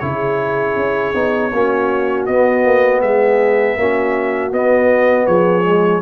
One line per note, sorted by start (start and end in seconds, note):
0.00 0.76 C#3
0.00 1.14 E4
0.00 1.54 G#4
0.00 2.25 C#5
0.76 1.14 C#4
1.15 1.52 B3
1.15 1.52 D#4
1.54 2.29 A#3
1.54 2.29 C#4
1.54 3.03 F#4
2.26 2.65 B3
2.26 3.79 B3
2.26 3.01 D#5
2.65 3.02 A#3
3.02 3.77 G#3
3.02 3.78 G#4
3.02 4.52 E5
3.77 4.52 A#3
3.77 4.53 C#4
3.77 5.28 F#4
4.52 5.27 B3
4.52 5.64 B3
4.52 5.27 D#5
5.27 6.02 F3
5.27 6.02 G#4
5.27 6.02 C#5
5.64 6.01 G#3